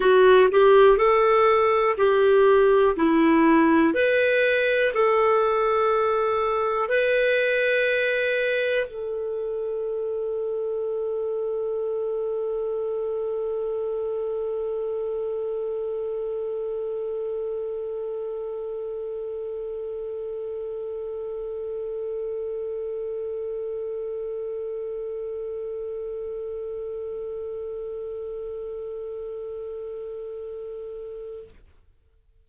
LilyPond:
\new Staff \with { instrumentName = "clarinet" } { \time 4/4 \tempo 4 = 61 fis'8 g'8 a'4 g'4 e'4 | b'4 a'2 b'4~ | b'4 a'2.~ | a'1~ |
a'1~ | a'1~ | a'1~ | a'1 | }